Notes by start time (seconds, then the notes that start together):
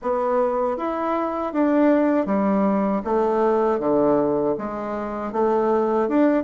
0.01 B3
0.77 E4
1.52 D4
2.26 G3
3.04 A3
3.79 D3
4.58 G#3
5.32 A3
6.08 D4